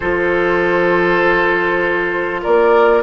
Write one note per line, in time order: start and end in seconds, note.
0.00 2.44 F3
0.00 3.03 F4
0.00 2.41 A4
0.00 2.41 C5
2.42 3.03 A#3
2.42 3.03 A#4
2.42 3.03 D5